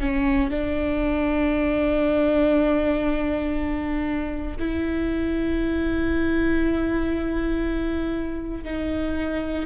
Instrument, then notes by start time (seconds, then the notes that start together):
viola
0.00 C#4
0.50 D4
4.59 E4
8.64 D#4